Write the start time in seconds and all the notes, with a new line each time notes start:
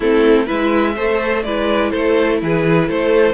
0.00 A3 C4 E4 A4
0.45 G#3 E4 B4 E5
0.95 A3 A4 C5
1.42 G#3 E4 B4 D5
1.90 A3 A4 C5
2.41 E3 G#4 B4
2.88 A3 A4 C5